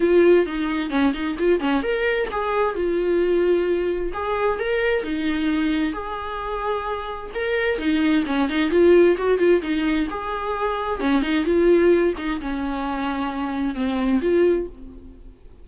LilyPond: \new Staff \with { instrumentName = "viola" } { \time 4/4 \tempo 4 = 131 f'4 dis'4 cis'8 dis'8 f'8 cis'8 | ais'4 gis'4 f'2~ | f'4 gis'4 ais'4 dis'4~ | dis'4 gis'2. |
ais'4 dis'4 cis'8 dis'8 f'4 | fis'8 f'8 dis'4 gis'2 | cis'8 dis'8 f'4. dis'8 cis'4~ | cis'2 c'4 f'4 | }